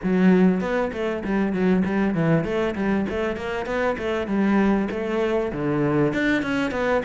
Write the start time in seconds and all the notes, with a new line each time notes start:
0.03 F#3
0.60 B3
0.92 A3
1.24 G3
1.52 F#3
1.85 G3
2.14 E3
2.44 A3
2.75 G3
3.09 A3
3.36 A#3
3.65 B3
3.98 A3
4.27 G3
4.90 A3
5.52 D3
6.13 D4
6.42 C#4
6.71 B3